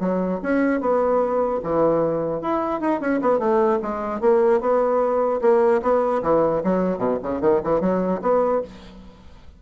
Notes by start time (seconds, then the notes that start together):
0.00 F#3
0.43 C#4
0.81 B3
1.63 E3
2.42 E4
2.81 D#4
3.01 C#4
3.22 B3
3.39 A3
3.83 G#3
4.21 A#3
4.61 B3
5.42 A#3
5.83 B3
6.23 E3
6.64 F#3
6.99 B2
7.23 C#3
7.41 D#3
7.64 E3
7.81 F#3
8.22 B3